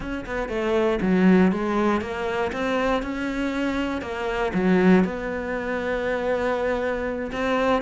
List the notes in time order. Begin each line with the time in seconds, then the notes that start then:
0.00 C#4
0.26 B3
0.48 A3
1.01 F#3
1.52 G#3
2.01 A#3
2.52 C4
3.02 C#4
4.01 A#3
4.54 F#3
5.04 B3
7.32 C4